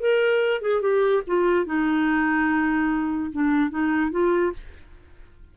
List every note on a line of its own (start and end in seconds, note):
0.00 0.62 A#4
0.62 0.82 G#4
0.82 1.23 G4
1.27 1.66 F4
1.66 3.32 D#4
3.32 3.71 D4
3.71 4.12 D#4
4.12 4.53 F4